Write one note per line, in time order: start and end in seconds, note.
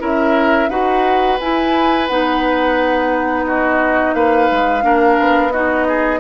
0.00 0.69 C#4
0.00 0.69 E4
0.00 0.70 A#4
0.00 0.70 E5
0.69 1.38 D#4
0.69 1.39 F#4
0.69 3.46 B4
0.69 1.39 F#5
1.40 2.09 E4
1.40 2.08 G#5
2.08 4.15 B3
2.08 4.82 D#4
2.08 3.46 F#5
3.47 4.15 F#4
3.47 4.15 D#5
4.15 4.49 A#3
4.15 4.84 B4
4.15 5.52 F5
4.52 4.84 G#3
4.82 5.18 A#3
4.82 5.51 D4
4.82 5.53 A#4
5.20 6.20 B3
5.52 6.20 D#4
5.52 5.87 F#4
5.52 6.20 D#5
5.88 6.20 G#4